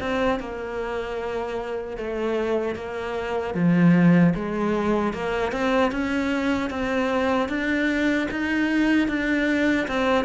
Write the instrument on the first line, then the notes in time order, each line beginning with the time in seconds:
cello
0.00 C4
0.39 A#3
1.97 A3
2.75 A#3
3.55 F3
4.35 G#3
5.14 A#3
5.52 C4
5.92 C#4
6.70 C4
7.49 D4
8.31 D#4
9.08 D4
9.88 C4